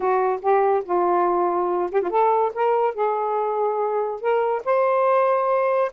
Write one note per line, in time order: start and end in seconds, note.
0.00 0.40 F#4
0.41 0.83 G4
0.84 1.90 F4
1.91 2.02 G4
2.02 2.10 F4
2.10 2.52 A4
2.54 2.94 A#4
2.94 4.20 G#4
4.20 4.63 A#4
4.64 5.91 C5